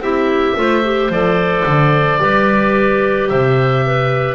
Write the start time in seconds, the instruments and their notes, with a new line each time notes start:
0.00 double bass C4, clarinet E4 G4, oboe E5
0.56 double bass A3, clarinet F4 C5
0.84 clarinet G4
1.10 double bass F3, clarinet A4, oboe D5
1.66 double bass D3
2.20 double bass G3, clarinet G4 B4
3.29 double bass C3, clarinet C5, oboe E5
3.86 clarinet B4